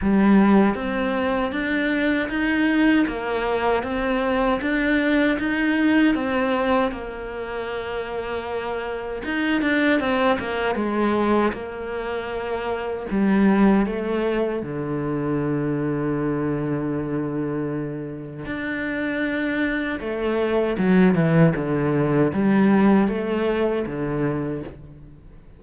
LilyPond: \new Staff \with { instrumentName = "cello" } { \time 4/4 \tempo 4 = 78 g4 c'4 d'4 dis'4 | ais4 c'4 d'4 dis'4 | c'4 ais2. | dis'8 d'8 c'8 ais8 gis4 ais4~ |
ais4 g4 a4 d4~ | d1 | d'2 a4 fis8 e8 | d4 g4 a4 d4 | }